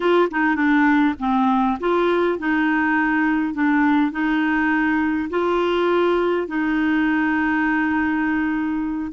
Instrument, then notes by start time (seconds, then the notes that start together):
clarinet
0.00 F4
0.30 D#4
0.55 D4
1.19 C4
1.79 F4
2.39 D#4
3.53 D4
4.11 D#4
5.30 F4
6.47 D#4